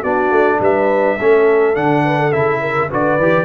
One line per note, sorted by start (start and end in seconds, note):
0.00 0.31 B3
0.00 1.19 D4
0.00 0.57 F#4
0.00 0.60 D5
0.31 0.60 A3
0.60 1.17 G3
0.60 1.18 B4
0.60 1.75 E5
1.18 1.76 A3
1.18 1.75 C#4
1.18 2.04 A4
1.75 2.33 D3
1.75 2.32 D4
1.75 2.32 F#5
2.05 2.19 B4
2.19 2.61 A4
2.32 2.90 C#3
2.32 2.90 E4
2.32 2.89 E5
2.61 2.90 A#4
2.90 3.18 D3
2.90 3.19 F#4
2.90 3.45 B4
2.90 3.45 D5
3.18 3.45 E3
3.18 3.45 G4